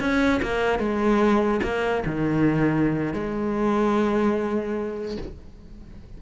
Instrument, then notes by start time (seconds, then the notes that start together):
cello
0.00 C#4
0.42 A#3
0.79 G#3
1.63 A#3
2.06 D#3
3.14 G#3